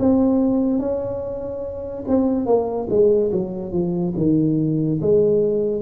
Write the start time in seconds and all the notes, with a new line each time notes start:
0.00 C4
0.80 C#4
2.08 C4
2.46 A#3
2.90 G#3
3.32 F#3
3.72 F3
4.17 D#3
5.01 G#3